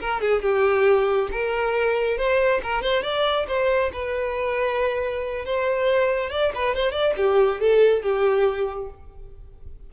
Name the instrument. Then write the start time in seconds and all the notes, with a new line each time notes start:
violin
0.00 A#4
0.21 G#4
0.42 G4
1.31 A#4
2.17 C5
2.63 A#4
2.82 C5
3.03 D5
3.47 C5
3.92 B4
5.45 C5
6.30 D5
6.54 B4
6.75 C5
6.91 D5
7.16 G4
7.60 A4
8.02 G4